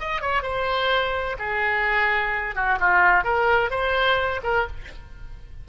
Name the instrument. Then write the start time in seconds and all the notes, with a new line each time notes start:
oboe
0.00 D#5
0.22 C#5
0.43 C5
1.39 G#4
2.56 F#4
2.80 F4
3.25 A#4
3.71 C5
4.44 A#4